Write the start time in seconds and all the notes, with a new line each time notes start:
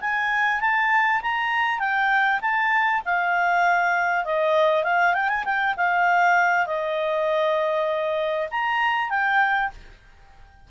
0.00 G#5
0.61 A5
1.22 A#5
1.79 G5
2.41 A5
3.05 F5
4.25 D#5
4.83 F5
5.14 G5
5.29 G#5
5.45 G5
5.77 F5
6.66 D#5
8.51 A#5
9.10 G5